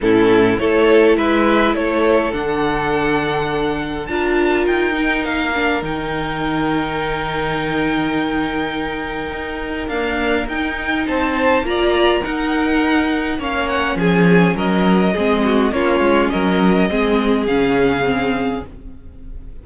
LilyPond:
<<
  \new Staff \with { instrumentName = "violin" } { \time 4/4 \tempo 4 = 103 a'4 cis''4 e''4 cis''4 | fis''2. a''4 | g''4 f''4 g''2~ | g''1~ |
g''4 f''4 g''4 a''4 | ais''4 fis''2 f''8 fis''8 | gis''4 dis''2 cis''4 | dis''2 f''2 | }
  \new Staff \with { instrumentName = "violin" } { \time 4/4 e'4 a'4 b'4 a'4~ | a'2. ais'4~ | ais'1~ | ais'1~ |
ais'2. c''4 | d''4 ais'2 cis''4 | gis'4 ais'4 gis'8 fis'8 f'4 | ais'4 gis'2. | }
  \new Staff \with { instrumentName = "viola" } { \time 4/4 cis'4 e'2. | d'2. f'4~ | f'8 dis'4 d'8 dis'2~ | dis'1~ |
dis'4 ais4 dis'2 | f'4 dis'2 cis'4~ | cis'2 c'4 cis'4~ | cis'4 c'4 cis'4 c'4 | }
  \new Staff \with { instrumentName = "cello" } { \time 4/4 a,4 a4 gis4 a4 | d2. d'4 | dis'4 ais4 dis2~ | dis1 |
dis'4 d'4 dis'4 c'4 | ais4 dis'2 ais4 | f4 fis4 gis4 ais8 gis8 | fis4 gis4 cis2 | }
>>